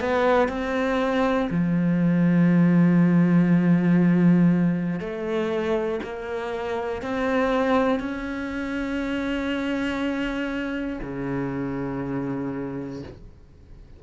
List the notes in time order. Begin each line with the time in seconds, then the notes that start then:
0.00 B3
0.48 C4
1.50 F3
5.00 A3
6.03 A#3
7.02 C4
8.00 C#4
11.03 C#3